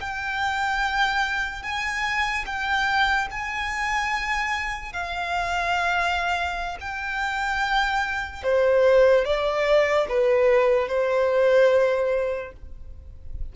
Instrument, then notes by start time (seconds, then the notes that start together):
violin
0.00 G5
1.63 G#5
2.45 G5
3.31 G#5
4.92 F5
6.80 G5
8.43 C5
9.24 D5
10.08 B4
10.88 C5